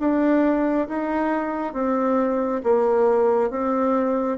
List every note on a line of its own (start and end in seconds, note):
0.00 0.88 D4
0.89 1.74 D#4
1.74 2.62 C4
2.64 3.51 A#3
3.51 4.38 C4